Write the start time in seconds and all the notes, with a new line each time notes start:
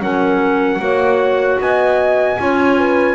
0.00 F#3 C#4 A#4 F#5
0.79 A#3 F#4 C#5
1.59 B3 D#5 G#5
2.38 C#4 F4 C#5
2.78 B4